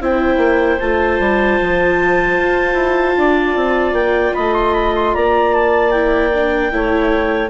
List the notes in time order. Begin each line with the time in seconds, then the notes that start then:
0.00 C4 E4 C5 G5
0.37 A#3
0.79 A3 F4 A5
1.19 G3
1.61 F3
2.39 F4
2.73 E4
3.17 D4 D5
3.55 C4
3.92 A#3 G5
4.34 A3 D#5 B5
4.53 C6
4.73 B5
4.95 C6
5.14 A#3 D5 A#5
5.53 A5
5.90 E4 G5
6.33 D4
6.71 A3 E4 C#5